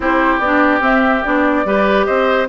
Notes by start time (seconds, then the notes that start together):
0.00 C4 E4 G4 C5
0.39 B3 D4 D5
0.80 C4 E5
1.24 B3 D4 D5
1.65 G3 G4 B4
2.05 C4 C5 D#5